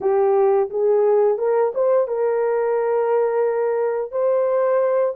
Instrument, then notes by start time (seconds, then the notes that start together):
horn
0.00 G4
0.70 G#4
1.38 A#4
1.74 C5
2.07 A#4
4.11 C5